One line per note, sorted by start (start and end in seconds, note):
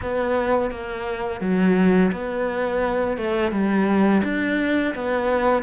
0.02 0.70 B3
0.70 1.41 A#3
1.41 2.11 F#3
2.11 3.17 B3
3.17 3.51 A3
3.51 4.22 G3
4.24 4.94 D4
4.94 5.62 B3